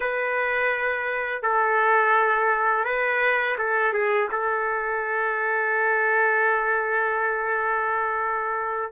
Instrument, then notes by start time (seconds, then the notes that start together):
trumpet
0.00 B4
1.42 A4
2.84 B4
3.58 A4
3.93 G#4
4.31 A4